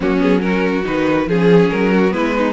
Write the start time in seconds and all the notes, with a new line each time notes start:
0.00 F#3 A#3 C#4 F#4
0.18 B3 G#4
0.39 C#4 F#4 A#4
0.84 D#3 D#4 B4
1.27 F3 C#4 G#4
1.70 F#3 A#4
1.92 F#4
2.10 G#3 B3 E4 B4
2.37 D#4